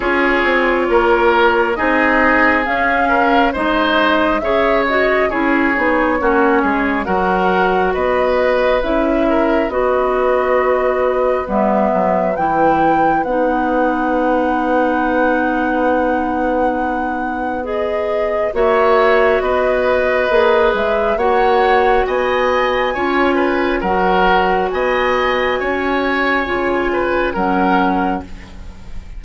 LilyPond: <<
  \new Staff \with { instrumentName = "flute" } { \time 4/4 \tempo 4 = 68 cis''2 dis''4 f''4 | dis''4 e''8 dis''8 cis''2 | fis''4 dis''4 e''4 dis''4~ | dis''4 e''4 g''4 fis''4~ |
fis''1 | dis''4 e''4 dis''4. e''8 | fis''4 gis''2 fis''4 | gis''2. fis''4 | }
  \new Staff \with { instrumentName = "oboe" } { \time 4/4 gis'4 ais'4 gis'4. ais'8 | c''4 cis''4 gis'4 fis'8 gis'8 | ais'4 b'4. ais'8 b'4~ | b'1~ |
b'1~ | b'4 cis''4 b'2 | cis''4 dis''4 cis''8 b'8 ais'4 | dis''4 cis''4. b'8 ais'4 | }
  \new Staff \with { instrumentName = "clarinet" } { \time 4/4 f'2 dis'4 cis'4 | dis'4 gis'8 fis'8 e'8 dis'8 cis'4 | fis'2 e'4 fis'4~ | fis'4 b4 e'4 dis'4~ |
dis'1 | gis'4 fis'2 gis'4 | fis'2 f'4 fis'4~ | fis'2 f'4 cis'4 | }
  \new Staff \with { instrumentName = "bassoon" } { \time 4/4 cis'8 c'8 ais4 c'4 cis'4 | gis4 cis4 cis'8 b8 ais8 gis8 | fis4 b4 cis'4 b4~ | b4 g8 fis8 e4 b4~ |
b1~ | b4 ais4 b4 ais8 gis8 | ais4 b4 cis'4 fis4 | b4 cis'4 cis4 fis4 | }
>>